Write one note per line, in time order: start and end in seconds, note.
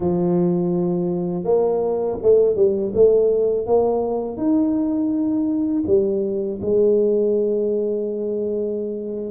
0.00 1.43 F3
1.43 2.17 A#3
2.22 2.55 A3
2.55 2.92 G3
2.94 3.66 A3
3.66 4.37 A#3
4.37 5.83 D#4
5.86 6.60 G3
6.61 9.31 G#3